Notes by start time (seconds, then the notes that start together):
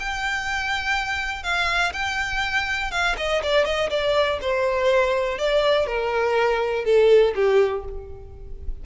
0.00 G5
1.43 F5
1.93 G5
2.91 F5
3.17 D#5
3.43 D5
3.65 D#5
3.90 D5
4.42 C5
5.39 D5
5.87 A#4
6.85 A4
7.35 G4